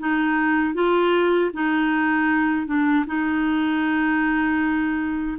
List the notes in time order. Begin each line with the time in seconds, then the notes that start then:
0.00 D#4
0.74 F4
1.53 D#4
2.67 D4
3.07 D#4